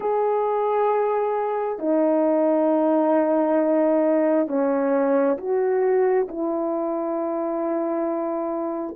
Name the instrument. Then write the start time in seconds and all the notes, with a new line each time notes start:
horn
0.00 G#4
1.79 D#4
4.47 C#4
5.37 F#4
6.28 E4